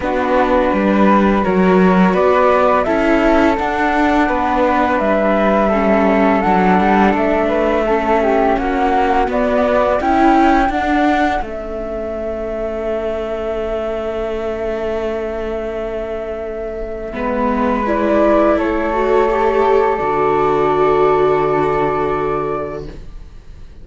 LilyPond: <<
  \new Staff \with { instrumentName = "flute" } { \time 4/4 \tempo 4 = 84 b'2 cis''4 d''4 | e''4 fis''2 e''4~ | e''4 fis''4 e''2 | fis''4 d''4 g''4 fis''4 |
e''1~ | e''1~ | e''4 d''4 cis''2 | d''1 | }
  \new Staff \with { instrumentName = "flute" } { \time 4/4 fis'4 b'4 ais'4 b'4 | a'2 b'2 | a'2~ a'8 b'8 a'8 g'8 | fis'2 e'4 a'4~ |
a'1~ | a'1 | b'2 a'2~ | a'1 | }
  \new Staff \with { instrumentName = "viola" } { \time 4/4 d'2 fis'2 | e'4 d'2. | cis'4 d'2 cis'4~ | cis'4 b4 e'4 d'4 |
cis'1~ | cis'1 | b4 e'4. fis'8 g'4 | fis'1 | }
  \new Staff \with { instrumentName = "cello" } { \time 4/4 b4 g4 fis4 b4 | cis'4 d'4 b4 g4~ | g4 fis8 g8 a2 | ais4 b4 cis'4 d'4 |
a1~ | a1 | gis2 a2 | d1 | }
>>